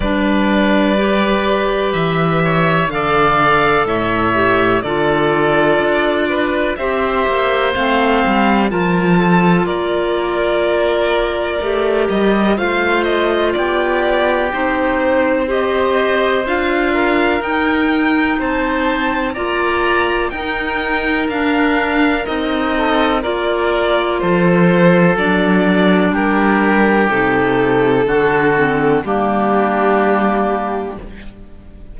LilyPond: <<
  \new Staff \with { instrumentName = "violin" } { \time 4/4 \tempo 4 = 62 d''2 e''4 f''4 | e''4 d''2 e''4 | f''4 a''4 d''2~ | d''8 dis''8 f''8 dis''8 d''4 c''4 |
dis''4 f''4 g''4 a''4 | ais''4 g''4 f''4 dis''4 | d''4 c''4 d''4 ais'4 | a'2 g'2 | }
  \new Staff \with { instrumentName = "oboe" } { \time 4/4 b'2~ b'8 cis''8 d''4 | cis''4 a'4. b'8 c''4~ | c''4 ais'8 a'8 ais'2~ | ais'4 c''4 g'2 |
c''4. ais'4. c''4 | d''4 ais'2~ ais'8 a'8 | ais'4 a'2 g'4~ | g'4 fis'4 d'2 | }
  \new Staff \with { instrumentName = "clarinet" } { \time 4/4 d'4 g'2 a'4~ | a'8 g'8 f'2 g'4 | c'4 f'2. | g'4 f'2 dis'4 |
g'4 f'4 dis'2 | f'4 dis'4 d'4 dis'4 | f'2 d'2 | dis'4 d'8 c'8 ais2 | }
  \new Staff \with { instrumentName = "cello" } { \time 4/4 g2 e4 d4 | a,4 d4 d'4 c'8 ais8 | a8 g8 f4 ais2 | a8 g8 a4 b4 c'4~ |
c'4 d'4 dis'4 c'4 | ais4 dis'4 d'4 c'4 | ais4 f4 fis4 g4 | c4 d4 g2 | }
>>